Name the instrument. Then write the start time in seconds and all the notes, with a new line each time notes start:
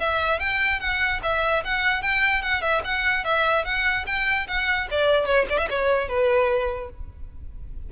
violin
0.00 E5
0.40 G5
0.80 F#5
1.23 E5
1.65 F#5
2.02 G5
2.43 F#5
2.62 E5
2.85 F#5
3.25 E5
3.65 F#5
4.07 G5
4.48 F#5
4.91 D5
5.26 C#5
5.50 D5
5.58 E5
5.71 C#5
6.09 B4